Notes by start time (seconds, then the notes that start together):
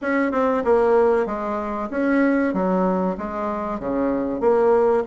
0.01 C#4
0.31 C4
0.64 A#3
1.25 G#3
1.90 C#4
2.53 F#3
3.17 G#3
3.79 C#3
4.40 A#3